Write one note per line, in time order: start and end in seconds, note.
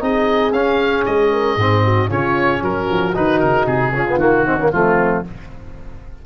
0.00 0.52 C4
0.00 0.52 D#4
0.00 1.33 G#4
0.00 0.53 D#5
0.52 1.05 C#4
0.52 1.59 C#4
0.52 1.05 F5
1.06 1.56 G#3
1.06 2.10 D#5
1.33 1.56 A#4
1.56 2.08 G#2
1.56 2.09 C4
1.56 1.82 G#4
1.84 2.09 F#4
2.09 2.62 C#3
2.09 3.14 C#4
2.09 2.62 F4
2.09 2.64 C#5
2.62 2.88 F#3
2.62 3.94 F#4
2.62 3.16 A#4
2.91 3.17 F3
3.15 3.43 D#3
3.15 3.93 D#4
3.15 3.40 B4
3.40 3.67 C#3
3.40 3.66 A#4
3.67 3.92 C3
3.67 4.19 G#4
3.92 4.16 C#3
3.92 4.07 C#4
3.92 4.45 F4
4.09 4.20 B3
4.16 4.68 D#3
4.16 4.46 A#3
4.16 4.72 F#4
4.45 4.59 C4
4.45 4.56 D#4
4.56 4.73 A#3
4.56 4.69 C#4
4.72 5.25 F3
4.72 5.25 A3
4.72 5.26 C4
4.72 5.24 F4